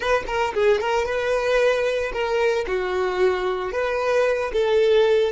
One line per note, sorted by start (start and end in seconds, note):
0.00 0.23 B4
0.27 0.53 A#4
0.54 0.80 G#4
0.80 1.05 A#4
1.05 2.11 B4
2.12 2.65 A#4
2.67 3.72 F#4
3.72 4.51 B4
4.52 5.32 A4